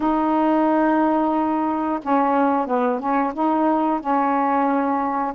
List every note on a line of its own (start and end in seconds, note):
0.00 1.99 D#4
2.02 2.66 C#4
2.66 2.99 B3
2.99 3.32 C#4
3.33 4.00 D#4
4.00 5.33 C#4